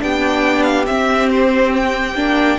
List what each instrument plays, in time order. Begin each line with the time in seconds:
0.00 cello B3, viola D4, violin G4 G5
0.63 violin F5
0.86 viola C4, cello C4, violin E5
1.30 violin C5
1.76 violin G5
2.14 cello A#3, viola D4